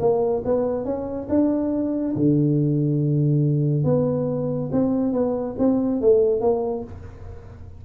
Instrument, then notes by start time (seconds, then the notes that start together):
tuba
0.00 A#3
0.45 B3
0.85 C#4
1.29 D4
2.16 D3
3.84 B3
4.72 C4
5.13 B3
5.58 C4
6.01 A3
6.41 A#3